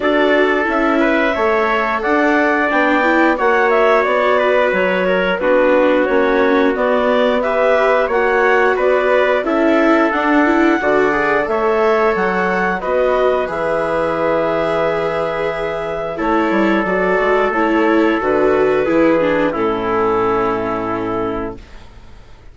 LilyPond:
<<
  \new Staff \with { instrumentName = "clarinet" } { \time 4/4 \tempo 4 = 89 d''4 e''2 fis''4 | g''4 fis''8 e''8 d''4 cis''4 | b'4 cis''4 d''4 e''4 | fis''4 d''4 e''4 fis''4~ |
fis''4 e''4 fis''4 dis''4 | e''1 | cis''4 d''4 cis''4 b'4~ | b'4 a'2. | }
  \new Staff \with { instrumentName = "trumpet" } { \time 4/4 a'4. b'8 cis''4 d''4~ | d''4 cis''4. b'4 ais'8 | fis'2. b'4 | cis''4 b'4 a'2 |
d''4 cis''2 b'4~ | b'1 | a'1 | gis'4 e'2. | }
  \new Staff \with { instrumentName = "viola" } { \time 4/4 fis'4 e'4 a'2 | d'8 e'8 fis'2. | d'4 cis'4 b4 g'4 | fis'2 e'4 d'8 e'8 |
fis'8 gis'8 a'2 fis'4 | gis'1 | e'4 fis'4 e'4 fis'4 | e'8 d'8 cis'2. | }
  \new Staff \with { instrumentName = "bassoon" } { \time 4/4 d'4 cis'4 a4 d'4 | b4 ais4 b4 fis4 | b4 ais4 b2 | ais4 b4 cis'4 d'4 |
d4 a4 fis4 b4 | e1 | a8 g8 fis8 gis8 a4 d4 | e4 a,2. | }
>>